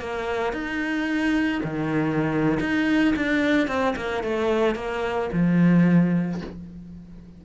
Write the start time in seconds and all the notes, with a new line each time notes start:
0.00 A#3
0.53 D#4
1.63 D#3
2.60 D#4
3.16 D4
3.68 C4
3.96 A#3
4.23 A3
4.75 A#3
5.32 F3